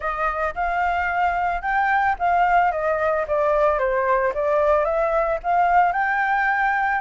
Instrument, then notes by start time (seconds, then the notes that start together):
flute
0.00 D#5
0.54 F5
1.61 G5
2.19 F5
2.71 D#5
3.27 D5
3.78 C5
4.33 D5
4.84 E5
5.43 F5
5.92 G5